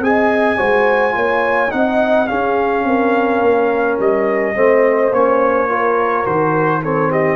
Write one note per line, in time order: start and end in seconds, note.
0.00 0.57 C4
0.00 0.58 G#4
0.00 1.72 G#5
0.06 0.58 D#5
0.58 1.16 G#3
0.58 1.12 F#4
0.58 1.14 C5
1.12 1.72 A#3
1.12 1.68 F4
1.12 1.73 C#5
1.71 2.30 C4
1.71 2.27 D#4
1.71 2.30 D#5
1.71 2.28 F#5
2.28 4.55 C#4
2.28 2.85 C#4
2.28 2.86 G#4
2.28 3.98 F5
2.85 3.41 C4
2.85 4.56 A#4
3.41 3.98 A#3
4.00 4.56 G3
4.00 5.14 D#5
4.55 5.12 A3
4.55 5.12 C4
4.55 5.69 C5
5.12 6.25 A#3
5.12 5.69 C#4
5.12 6.26 C#5
5.69 6.25 F4
5.69 6.82 A#4
6.25 7.36 D#3
6.25 6.82 F#4
6.25 6.83 C5
6.82 7.36 C4
6.82 7.11 A4
6.82 7.12 C#5
7.11 7.36 G4
7.11 7.36 D#5